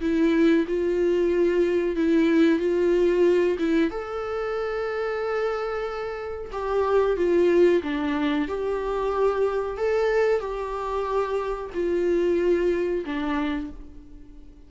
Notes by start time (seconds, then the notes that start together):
0.00 E4
0.67 F4
1.96 E4
2.59 F4
3.58 E4
3.90 A4
6.52 G4
7.16 F4
7.82 D4
8.48 G4
9.77 A4
10.40 G4
11.74 F4
13.05 D4